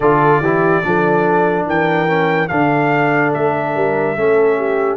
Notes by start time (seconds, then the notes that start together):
0.00 D3 F4 A4 D5
0.40 E3 E4 G4
0.83 F3 D4 A4
1.66 E3 A#4 G5
2.07 C#4
2.48 D3 D4 A4 F5
3.33 A3 E5
3.74 G3 A#4
4.16 A3 C#4 A4
4.57 G4